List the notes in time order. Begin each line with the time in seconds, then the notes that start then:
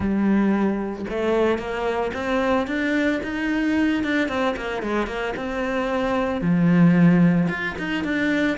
0.00 G3
1.09 A3
1.58 A#3
2.13 C4
2.67 D4
3.23 D#4
4.03 D4
4.28 C4
4.56 A#3
4.82 G#3
5.06 A#3
5.36 C4
6.41 F3
7.49 F4
7.78 D#4
8.04 D4